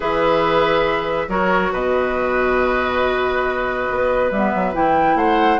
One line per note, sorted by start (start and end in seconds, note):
0.00 1.28 E3
0.00 1.28 G#4
0.00 1.27 B4
0.00 1.29 E5
1.28 1.71 F#3
1.28 4.31 F#4
1.28 1.72 A#4
1.28 1.72 C#5
1.72 3.88 B2
1.72 5.17 B4
1.72 4.31 D#5
3.90 4.31 B3
4.31 4.52 G3
4.31 4.73 B3
4.31 4.74 E5
4.54 4.74 F#3
4.73 5.15 E3
4.73 5.59 E4
4.73 5.17 G5
5.15 5.58 A3
5.15 5.59 C5
5.15 5.59 F#5